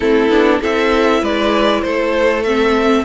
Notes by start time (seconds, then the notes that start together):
0.00 A3 C4 E4 A4
0.29 B3 D4
0.60 C4 E4 A4 E5
1.20 G#3 B4 D5
1.81 A3 A4 C5
2.43 C4 E5